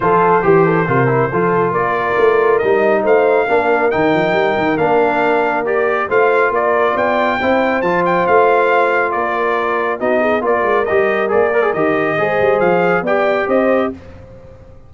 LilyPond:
<<
  \new Staff \with { instrumentName = "trumpet" } { \time 4/4 \tempo 4 = 138 c''1 | d''2 dis''4 f''4~ | f''4 g''2 f''4~ | f''4 d''4 f''4 d''4 |
g''2 a''8 g''8 f''4~ | f''4 d''2 dis''4 | d''4 dis''4 d''4 dis''4~ | dis''4 f''4 g''4 dis''4 | }
  \new Staff \with { instrumentName = "horn" } { \time 4/4 a'4 g'8 a'8 ais'4 a'4 | ais'2. c''4 | ais'1~ | ais'2 c''4 ais'4 |
d''4 c''2.~ | c''4 ais'2 fis'8 gis'8 | ais'1 | c''2 d''4 c''4 | }
  \new Staff \with { instrumentName = "trombone" } { \time 4/4 f'4 g'4 f'8 e'8 f'4~ | f'2 dis'2 | d'4 dis'2 d'4~ | d'4 g'4 f'2~ |
f'4 e'4 f'2~ | f'2. dis'4 | f'4 g'4 gis'8 ais'16 gis'16 g'4 | gis'2 g'2 | }
  \new Staff \with { instrumentName = "tuba" } { \time 4/4 f4 e4 c4 f4 | ais4 a4 g4 a4 | ais4 dis8 f8 g8 dis8 ais4~ | ais2 a4 ais4 |
b4 c'4 f4 a4~ | a4 ais2 b4 | ais8 gis8 g4 ais4 dis4 | gis8 g8 f4 b4 c'4 | }
>>